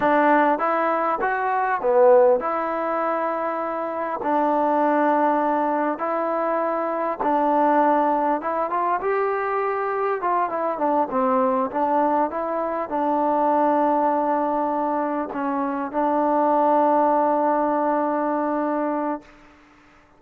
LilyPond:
\new Staff \with { instrumentName = "trombone" } { \time 4/4 \tempo 4 = 100 d'4 e'4 fis'4 b4 | e'2. d'4~ | d'2 e'2 | d'2 e'8 f'8 g'4~ |
g'4 f'8 e'8 d'8 c'4 d'8~ | d'8 e'4 d'2~ d'8~ | d'4. cis'4 d'4.~ | d'1 | }